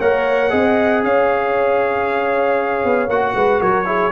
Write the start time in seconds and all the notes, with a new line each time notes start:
0.00 A#3 A#4 C#5 F#5
0.50 C4 G#4 D#5
1.04 C#4 C#5 F5
2.85 B3
3.09 A#3 F#4 F#5
3.35 G#3 B4
3.60 F#3 A#4 C#5
3.85 E4 G#4